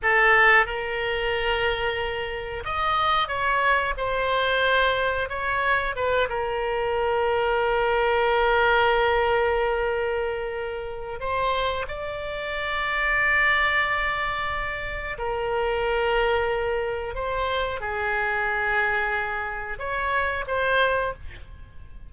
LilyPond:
\new Staff \with { instrumentName = "oboe" } { \time 4/4 \tempo 4 = 91 a'4 ais'2. | dis''4 cis''4 c''2 | cis''4 b'8 ais'2~ ais'8~ | ais'1~ |
ais'4 c''4 d''2~ | d''2. ais'4~ | ais'2 c''4 gis'4~ | gis'2 cis''4 c''4 | }